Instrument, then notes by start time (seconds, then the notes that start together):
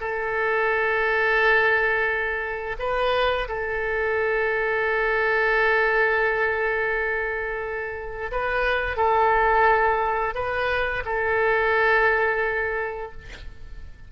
oboe
0.00 A4
2.79 B4
3.48 A4
8.31 B4
8.96 A4
10.34 B4
11.05 A4